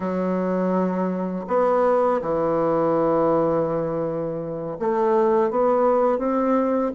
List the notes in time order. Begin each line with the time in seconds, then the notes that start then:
0.00 F#3
1.47 B3
2.21 E3
4.79 A3
5.50 B3
6.18 C4